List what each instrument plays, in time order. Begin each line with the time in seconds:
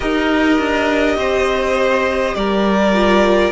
0.00 cello D#4, viola G4, violin A#4 D#5
0.58 cello D4
1.17 cello C4, violin C5
2.35 cello G3, violin A#4 D5
2.93 viola F4